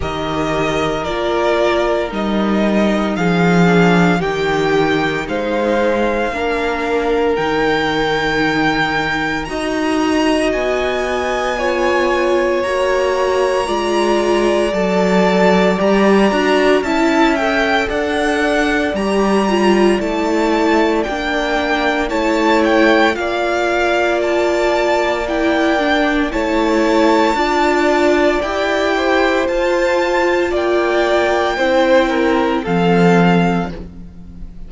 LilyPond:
<<
  \new Staff \with { instrumentName = "violin" } { \time 4/4 \tempo 4 = 57 dis''4 d''4 dis''4 f''4 | g''4 f''2 g''4~ | g''4 ais''4 gis''2 | ais''2 a''4 ais''4 |
a''8 g''8 fis''4 ais''4 a''4 | g''4 a''8 g''8 f''4 a''4 | g''4 a''2 g''4 | a''4 g''2 f''4 | }
  \new Staff \with { instrumentName = "violin" } { \time 4/4 ais'2. gis'4 | g'4 c''4 ais'2~ | ais'4 dis''2 cis''4~ | cis''4 d''2. |
e''4 d''2.~ | d''4 cis''4 d''2~ | d''4 cis''4 d''4. c''8~ | c''4 d''4 c''8 ais'8 a'4 | }
  \new Staff \with { instrumentName = "viola" } { \time 4/4 g'4 f'4 dis'4. d'8 | dis'2 d'4 dis'4~ | dis'4 fis'2 f'4 | fis'4 f'4 a'4 g'8 fis'8 |
e'8 a'4. g'8 f'8 e'4 | d'4 e'4 f'2 | e'8 d'8 e'4 f'4 g'4 | f'2 e'4 c'4 | }
  \new Staff \with { instrumentName = "cello" } { \time 4/4 dis4 ais4 g4 f4 | dis4 gis4 ais4 dis4~ | dis4 dis'4 b2 | ais4 gis4 fis4 g8 d'8 |
cis'4 d'4 g4 a4 | ais4 a4 ais2~ | ais4 a4 d'4 e'4 | f'4 ais4 c'4 f4 | }
>>